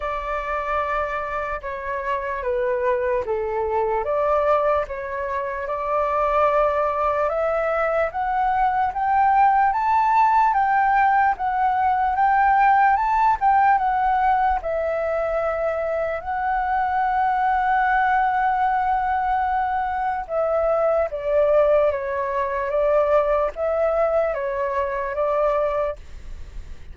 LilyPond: \new Staff \with { instrumentName = "flute" } { \time 4/4 \tempo 4 = 74 d''2 cis''4 b'4 | a'4 d''4 cis''4 d''4~ | d''4 e''4 fis''4 g''4 | a''4 g''4 fis''4 g''4 |
a''8 g''8 fis''4 e''2 | fis''1~ | fis''4 e''4 d''4 cis''4 | d''4 e''4 cis''4 d''4 | }